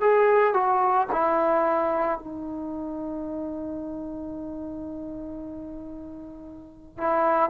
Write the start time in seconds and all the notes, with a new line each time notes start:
0.00 G#4
0.54 F#4
1.12 E4
2.18 D#4
6.97 E4